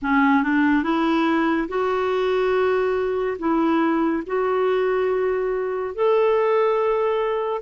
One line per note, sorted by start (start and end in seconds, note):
0.02 0.43 C#4
0.43 0.83 D4
0.83 1.67 E4
1.68 3.37 F#4
3.38 4.23 E4
4.26 5.94 F#4
5.94 7.61 A4